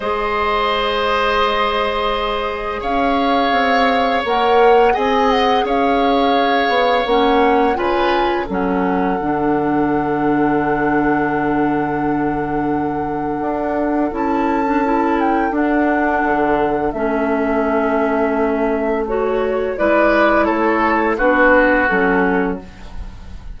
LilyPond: <<
  \new Staff \with { instrumentName = "flute" } { \time 4/4 \tempo 4 = 85 dis''1 | f''2 fis''4 gis''8 fis''8 | f''2 fis''4 gis''4 | fis''1~ |
fis''1 | a''4. g''8 fis''2 | e''2. cis''4 | d''4 cis''4 b'4 a'4 | }
  \new Staff \with { instrumentName = "oboe" } { \time 4/4 c''1 | cis''2. dis''4 | cis''2. b'4 | a'1~ |
a'1~ | a'1~ | a'1 | b'4 a'4 fis'2 | }
  \new Staff \with { instrumentName = "clarinet" } { \time 4/4 gis'1~ | gis'2 ais'4 gis'4~ | gis'2 cis'4 f'4 | cis'4 d'2.~ |
d'1 | e'8. d'16 e'4 d'2 | cis'2. fis'4 | e'2 d'4 cis'4 | }
  \new Staff \with { instrumentName = "bassoon" } { \time 4/4 gis1 | cis'4 c'4 ais4 c'4 | cis'4. b8 ais4 cis4 | fis4 d2.~ |
d2. d'4 | cis'2 d'4 d4 | a1 | gis4 a4 b4 fis4 | }
>>